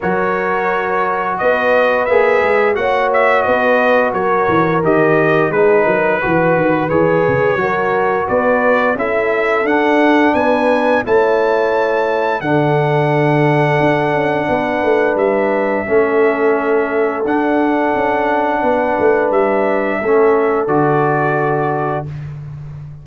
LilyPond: <<
  \new Staff \with { instrumentName = "trumpet" } { \time 4/4 \tempo 4 = 87 cis''2 dis''4 e''4 | fis''8 e''8 dis''4 cis''4 dis''4 | b'2 cis''2 | d''4 e''4 fis''4 gis''4 |
a''2 fis''2~ | fis''2 e''2~ | e''4 fis''2. | e''2 d''2 | }
  \new Staff \with { instrumentName = "horn" } { \time 4/4 ais'2 b'2 | cis''4 b'4 ais'2 | gis'8 ais'8 b'2 ais'4 | b'4 a'2 b'4 |
cis''2 a'2~ | a'4 b'2 a'4~ | a'2. b'4~ | b'4 a'2. | }
  \new Staff \with { instrumentName = "trombone" } { \time 4/4 fis'2. gis'4 | fis'2. g'4 | dis'4 fis'4 gis'4 fis'4~ | fis'4 e'4 d'2 |
e'2 d'2~ | d'2. cis'4~ | cis'4 d'2.~ | d'4 cis'4 fis'2 | }
  \new Staff \with { instrumentName = "tuba" } { \time 4/4 fis2 b4 ais8 gis8 | ais4 b4 fis8 e8 dis4 | gis8 fis8 e8 dis8 e8 cis8 fis4 | b4 cis'4 d'4 b4 |
a2 d2 | d'8 cis'8 b8 a8 g4 a4~ | a4 d'4 cis'4 b8 a8 | g4 a4 d2 | }
>>